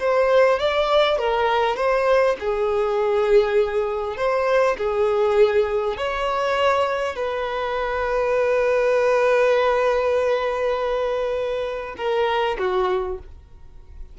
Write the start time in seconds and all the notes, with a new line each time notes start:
0.00 C5
0.60 D5
1.19 A#4
1.77 C5
2.40 G#4
4.17 C5
4.78 G#4
5.98 C#5
7.16 B4
11.98 A#4
12.59 F#4